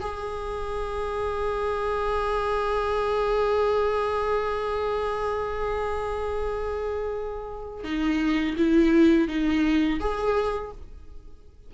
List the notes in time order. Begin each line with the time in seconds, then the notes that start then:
0.00 G#4
7.84 D#4
8.57 E4
9.28 D#4
10.00 G#4